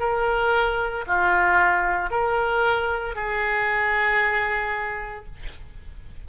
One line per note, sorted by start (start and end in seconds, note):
0.00 1.05 A#4
1.07 2.11 F4
2.11 3.16 A#4
3.16 5.26 G#4